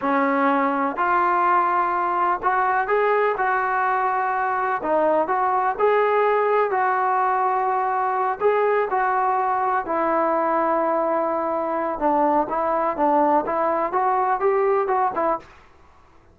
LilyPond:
\new Staff \with { instrumentName = "trombone" } { \time 4/4 \tempo 4 = 125 cis'2 f'2~ | f'4 fis'4 gis'4 fis'4~ | fis'2 dis'4 fis'4 | gis'2 fis'2~ |
fis'4. gis'4 fis'4.~ | fis'8 e'2.~ e'8~ | e'4 d'4 e'4 d'4 | e'4 fis'4 g'4 fis'8 e'8 | }